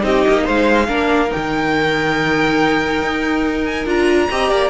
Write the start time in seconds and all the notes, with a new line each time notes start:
0.00 C4 D#4 G4 D#5
0.28 A#3
0.44 G#3 C5 F5
0.87 A#3 D4 A#4
1.28 D#4 G5
1.36 D#3
3.02 D#4
3.64 G#5
3.86 D4 F4 A#5
4.30 C4 G4 D#5
4.50 A#3 D5